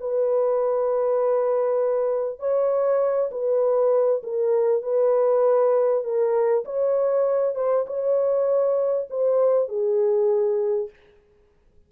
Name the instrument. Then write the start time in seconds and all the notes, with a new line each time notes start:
horn
0.00 B4
2.39 C#5
3.31 B4
4.23 A#4
4.82 B4
6.04 A#4
6.64 C#5
7.55 C5
7.87 C#5
9.10 C5
9.68 G#4